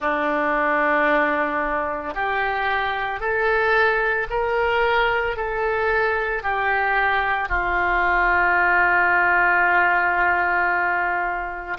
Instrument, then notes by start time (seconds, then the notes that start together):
oboe
0.00 D4
2.14 G4
3.19 A4
4.30 A#4
5.36 A4
6.42 G4
7.49 F4